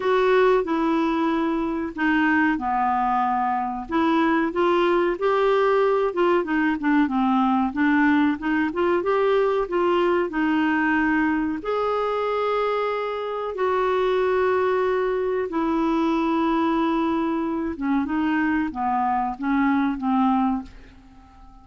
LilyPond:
\new Staff \with { instrumentName = "clarinet" } { \time 4/4 \tempo 4 = 93 fis'4 e'2 dis'4 | b2 e'4 f'4 | g'4. f'8 dis'8 d'8 c'4 | d'4 dis'8 f'8 g'4 f'4 |
dis'2 gis'2~ | gis'4 fis'2. | e'2.~ e'8 cis'8 | dis'4 b4 cis'4 c'4 | }